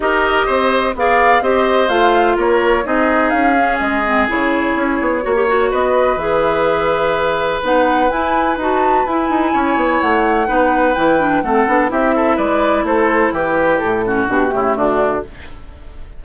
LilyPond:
<<
  \new Staff \with { instrumentName = "flute" } { \time 4/4 \tempo 4 = 126 dis''2 f''4 dis''4 | f''4 cis''4 dis''4 f''4 | dis''4 cis''2. | dis''4 e''2. |
fis''4 gis''4 a''4 gis''4~ | gis''4 fis''2 g''4 | fis''4 e''4 d''4 c''4 | b'4 a'4 g'4 fis'4 | }
  \new Staff \with { instrumentName = "oboe" } { \time 4/4 ais'4 c''4 d''4 c''4~ | c''4 ais'4 gis'2~ | gis'2. cis''4 | b'1~ |
b'1 | cis''2 b'2 | a'4 g'8 a'8 b'4 a'4 | g'4. fis'4 e'8 d'4 | }
  \new Staff \with { instrumentName = "clarinet" } { \time 4/4 g'2 gis'4 g'4 | f'2 dis'4. cis'8~ | cis'8 c'8 e'2 fis'16 g'16 fis'8~ | fis'4 gis'2. |
dis'4 e'4 fis'4 e'4~ | e'2 dis'4 e'8 d'8 | c'8 d'8 e'2.~ | e'4. cis'8 d'8 a4. | }
  \new Staff \with { instrumentName = "bassoon" } { \time 4/4 dis'4 c'4 b4 c'4 | a4 ais4 c'4 cis'4 | gis4 cis4 cis'8 b8 ais4 | b4 e2. |
b4 e'4 dis'4 e'8 dis'8 | cis'8 b8 a4 b4 e4 | a8 b8 c'4 gis4 a4 | e4 a,4 b,8 cis8 d4 | }
>>